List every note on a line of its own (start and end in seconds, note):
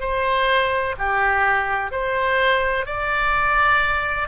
0.00 0.95 C5
0.98 1.91 G4
1.91 2.86 C5
2.86 4.28 D5